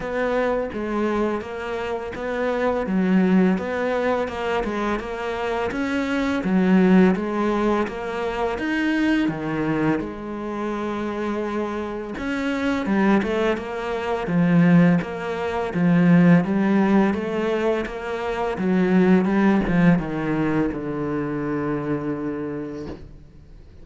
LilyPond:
\new Staff \with { instrumentName = "cello" } { \time 4/4 \tempo 4 = 84 b4 gis4 ais4 b4 | fis4 b4 ais8 gis8 ais4 | cis'4 fis4 gis4 ais4 | dis'4 dis4 gis2~ |
gis4 cis'4 g8 a8 ais4 | f4 ais4 f4 g4 | a4 ais4 fis4 g8 f8 | dis4 d2. | }